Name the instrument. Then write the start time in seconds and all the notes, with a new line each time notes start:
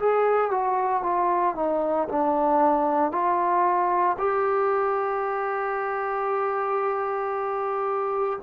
trombone
0.00 G#4
0.51 F#4
1.03 F4
1.56 D#4
2.09 D4
3.12 F4
4.19 G4